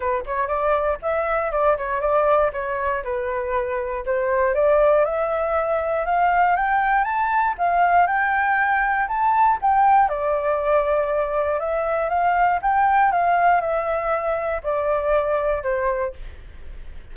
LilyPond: \new Staff \with { instrumentName = "flute" } { \time 4/4 \tempo 4 = 119 b'8 cis''8 d''4 e''4 d''8 cis''8 | d''4 cis''4 b'2 | c''4 d''4 e''2 | f''4 g''4 a''4 f''4 |
g''2 a''4 g''4 | d''2. e''4 | f''4 g''4 f''4 e''4~ | e''4 d''2 c''4 | }